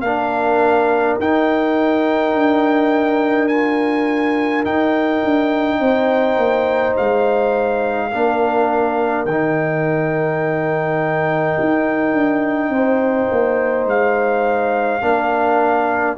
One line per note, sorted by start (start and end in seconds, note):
0.00 1.15 A#3
0.00 1.20 D4
0.00 5.79 A#4
0.00 1.16 F5
1.19 2.34 D#4
1.19 3.50 D#4
1.19 3.48 G5
2.34 4.64 D4
3.48 4.64 F4
3.48 4.63 G#5
4.64 8.10 D#4
4.64 5.23 D#4
4.64 6.96 G5
5.24 5.79 D4
5.79 6.37 C4
5.79 8.10 C5
6.37 6.94 A#3
6.97 8.13 G#3
6.97 9.25 F5
8.11 9.25 A#3
8.11 9.26 D4
8.11 12.72 A#4
9.25 11.56 D#3
9.25 15.01 D#4
9.25 13.87 G5
11.59 12.12 D#4
12.12 12.69 D4
12.69 13.27 C4
12.69 15.02 C5
13.31 13.85 A#3
13.85 15.00 G#3
13.85 16.17 F5
15.01 16.17 A#3
15.01 16.17 D4
15.01 16.17 A#4